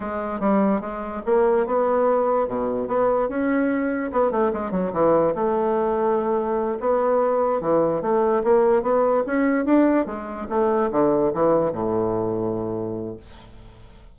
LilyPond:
\new Staff \with { instrumentName = "bassoon" } { \time 4/4 \tempo 4 = 146 gis4 g4 gis4 ais4 | b2 b,4 b4 | cis'2 b8 a8 gis8 fis8 | e4 a2.~ |
a8 b2 e4 a8~ | a8 ais4 b4 cis'4 d'8~ | d'8 gis4 a4 d4 e8~ | e8 a,2.~ a,8 | }